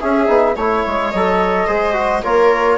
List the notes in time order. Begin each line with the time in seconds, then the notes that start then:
0.00 C#4 G#4 E5
0.27 B3 D#4
0.56 A3 E4 C#5
0.87 G#3
1.11 F#3 A4 D#5
1.67 G#3 G#4 C5
1.93 F#4
2.23 A#3 F4 A#4 C#5